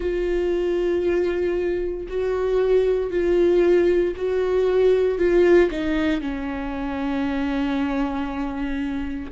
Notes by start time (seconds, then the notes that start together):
0.00 F4
2.08 F#4
3.10 F4
4.16 F#4
5.18 F4
5.70 D#4
6.21 C#4